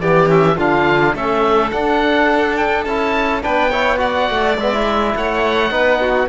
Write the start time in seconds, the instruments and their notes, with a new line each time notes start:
0.00 cello E3, trombone B3, violin G4, oboe D5
0.27 trombone C#4, oboe E5
0.57 cello D3, trombone D4, violin F4, oboe F5
1.14 cello A3, trombone C#4, violin A4, oboe E5
1.71 trombone D4, cello D4, oboe F#5
2.56 oboe G5
2.84 cello C#4, trombone E4, oboe A5
3.41 cello B3, trombone D4, violin B4, oboe G5
3.70 trombone E4, violin C#5
3.97 trombone F#4, violin D5, oboe F#5
4.30 cello A3
4.57 cello G#3, trombone B3, oboe E5
4.73 trombone E4
5.15 cello A3, violin C#5, oboe F#5
5.70 cello B3, trombone D#4, violin B4
6.01 violin F#4